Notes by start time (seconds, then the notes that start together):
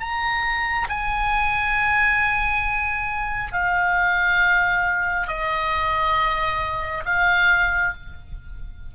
0.00 A#5
0.89 G#5
3.53 F5
5.28 D#5
7.05 F5